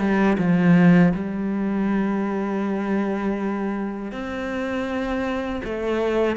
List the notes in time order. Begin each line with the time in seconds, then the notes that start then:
0.00 G3
0.38 F3
1.14 G3
4.12 C4
5.65 A3